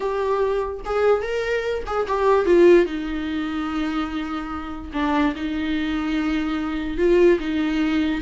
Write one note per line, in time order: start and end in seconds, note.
0.00 0.80 G4
0.85 1.22 G#4
1.22 1.83 A#4
1.86 2.06 G#4
2.07 2.45 G4
2.45 2.85 F4
2.85 4.91 D#4
4.93 5.34 D4
5.35 6.97 D#4
6.97 7.38 F4
7.39 8.21 D#4